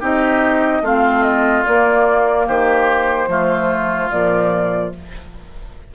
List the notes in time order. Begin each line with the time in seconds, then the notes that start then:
0.00 C4 D#4 G4 D#5
0.82 A3 C4 F4 F5
1.23 D#5
1.65 A#3 D5
2.47 D#3 G4 C5
3.28 F3 A3 F4
4.10 A#2 F3 D5